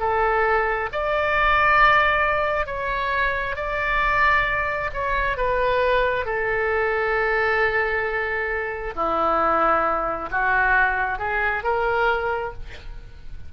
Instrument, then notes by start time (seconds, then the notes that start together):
oboe
0.00 A4
0.92 D5
2.66 C#5
3.56 D5
4.94 C#5
5.37 B4
6.26 A4
8.96 E4
10.31 F#4
11.19 G#4
11.64 A#4